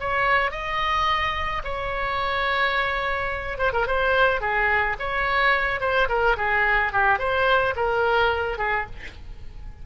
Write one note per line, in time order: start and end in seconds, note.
0.00 0.51 C#5
0.51 1.62 D#5
1.64 3.58 C#5
3.58 3.72 C5
3.73 3.87 A#4
3.87 4.41 C5
4.41 4.96 G#4
4.99 5.81 C#5
5.81 6.08 C5
6.09 6.37 A#4
6.37 6.93 G#4
6.93 7.19 G4
7.19 7.74 C5
7.76 8.58 A#4
8.58 8.86 G#4